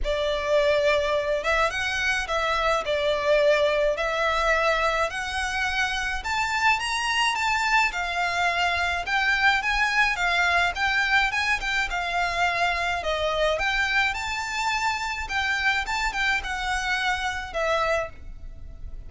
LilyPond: \new Staff \with { instrumentName = "violin" } { \time 4/4 \tempo 4 = 106 d''2~ d''8 e''8 fis''4 | e''4 d''2 e''4~ | e''4 fis''2 a''4 | ais''4 a''4 f''2 |
g''4 gis''4 f''4 g''4 | gis''8 g''8 f''2 dis''4 | g''4 a''2 g''4 | a''8 g''8 fis''2 e''4 | }